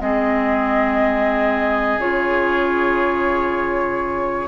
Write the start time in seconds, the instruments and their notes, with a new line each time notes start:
0.00 bassoon G#3, clarinet C4, oboe G#4, flute D#5
1.98 bassoon C#3, clarinet F4, flute C#5